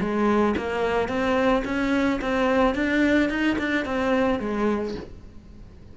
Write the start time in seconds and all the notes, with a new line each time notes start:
0.00 G#3
0.57 A#3
1.08 C4
1.65 C#4
2.21 C4
2.75 D4
3.29 D#4
3.58 D4
3.85 C4
4.39 G#3